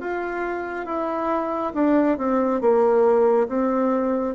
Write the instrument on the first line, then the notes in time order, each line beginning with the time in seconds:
bassoon
0.00 F4
0.86 E4
1.74 D4
2.18 C4
2.61 A#3
3.48 C4